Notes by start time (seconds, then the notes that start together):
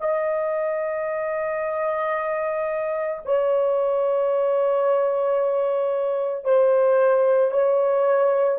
0.00 D#5
3.25 C#5
6.44 C5
7.51 C#5